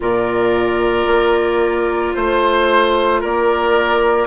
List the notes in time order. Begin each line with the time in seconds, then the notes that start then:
0.00 A#2 F4 A#4 D5
1.06 A#3
2.13 A3 C5
3.20 A#3 A#4 D5